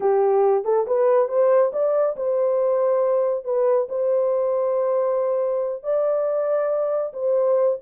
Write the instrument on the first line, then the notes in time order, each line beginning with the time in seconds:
horn
0.00 G4
0.64 A4
0.87 B4
1.28 C5
1.72 D5
2.16 C5
3.44 B4
3.88 C5
5.83 D5
7.13 C5